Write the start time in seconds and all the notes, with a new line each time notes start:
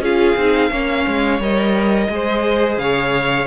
0.00 C#4 F4 G#4 F5
0.36 C4 D#4
0.71 A#3 C#4 C#5
1.07 G#3
1.39 G3 A#4 D#5
2.09 G#3 G#4 C5
2.77 C#3 C#5 F5